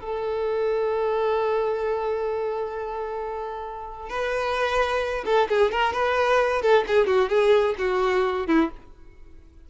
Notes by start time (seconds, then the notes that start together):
0.00 A4
4.10 B4
5.25 A4
5.49 G#4
5.71 A#4
5.93 B4
6.62 A4
6.87 G#4
7.07 F#4
7.29 G#4
7.78 F#4
8.47 E4